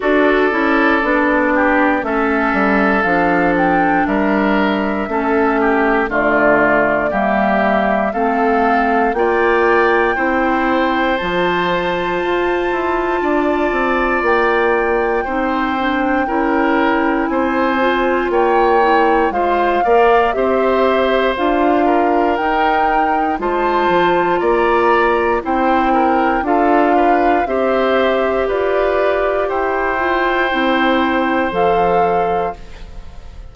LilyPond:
<<
  \new Staff \with { instrumentName = "flute" } { \time 4/4 \tempo 4 = 59 d''2 e''4 f''8 g''8 | e''2 d''4 e''4 | f''4 g''2 a''4~ | a''2 g''2~ |
g''4 gis''4 g''4 f''4 | e''4 f''4 g''4 a''4 | ais''4 g''4 f''4 e''4 | d''4 g''2 f''4 | }
  \new Staff \with { instrumentName = "oboe" } { \time 4/4 a'4. g'8 a'2 | ais'4 a'8 g'8 f'4 g'4 | a'4 d''4 c''2~ | c''4 d''2 c''4 |
ais'4 c''4 cis''4 c''8 d''8 | c''4. ais'4. c''4 | d''4 c''8 ais'8 a'8 b'8 c''4 | b'4 c''2. | }
  \new Staff \with { instrumentName = "clarinet" } { \time 4/4 fis'8 e'8 d'4 cis'4 d'4~ | d'4 cis'4 a4 ais4 | c'4 f'4 e'4 f'4~ | f'2. dis'8 d'8 |
e'4. f'4 e'8 f'8 ais'8 | g'4 f'4 dis'4 f'4~ | f'4 e'4 f'4 g'4~ | g'4. f'8 e'4 a'4 | }
  \new Staff \with { instrumentName = "bassoon" } { \time 4/4 d'8 cis'8 b4 a8 g8 f4 | g4 a4 d4 g4 | a4 ais4 c'4 f4 | f'8 e'8 d'8 c'8 ais4 c'4 |
cis'4 c'4 ais4 gis8 ais8 | c'4 d'4 dis'4 gis8 f8 | ais4 c'4 d'4 c'4 | f'4 e'4 c'4 f4 | }
>>